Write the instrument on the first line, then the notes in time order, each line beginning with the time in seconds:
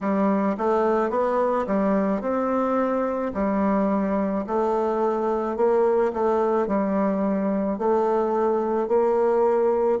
bassoon
0.01 G3
0.57 A3
1.10 B3
1.67 G3
2.21 C4
3.33 G3
4.46 A3
5.56 A#3
6.13 A3
6.67 G3
7.78 A3
8.88 A#3